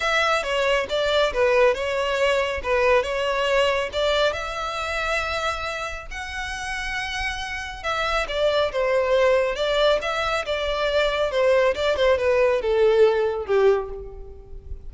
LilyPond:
\new Staff \with { instrumentName = "violin" } { \time 4/4 \tempo 4 = 138 e''4 cis''4 d''4 b'4 | cis''2 b'4 cis''4~ | cis''4 d''4 e''2~ | e''2 fis''2~ |
fis''2 e''4 d''4 | c''2 d''4 e''4 | d''2 c''4 d''8 c''8 | b'4 a'2 g'4 | }